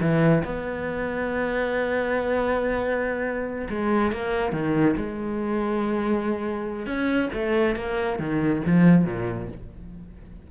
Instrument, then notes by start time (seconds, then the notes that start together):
cello
0.00 E3
0.44 B3
3.69 G#3
4.12 A#3
4.52 D#3
4.96 G#3
6.86 C#4
7.33 A3
7.75 A#3
8.19 D#3
8.66 F3
9.05 A#2